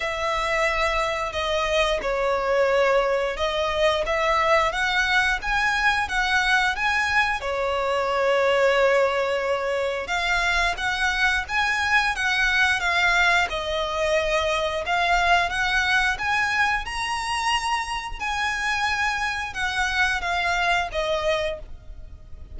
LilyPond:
\new Staff \with { instrumentName = "violin" } { \time 4/4 \tempo 4 = 89 e''2 dis''4 cis''4~ | cis''4 dis''4 e''4 fis''4 | gis''4 fis''4 gis''4 cis''4~ | cis''2. f''4 |
fis''4 gis''4 fis''4 f''4 | dis''2 f''4 fis''4 | gis''4 ais''2 gis''4~ | gis''4 fis''4 f''4 dis''4 | }